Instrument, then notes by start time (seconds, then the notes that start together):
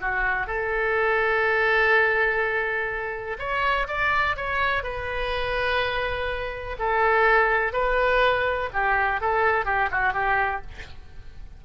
oboe
0.00 F#4
0.46 A4
3.39 C#5
3.87 D5
4.36 C#5
4.83 B4
6.79 A4
7.72 B4
8.73 G4
9.20 A4
9.65 G4
9.91 F#4
10.13 G4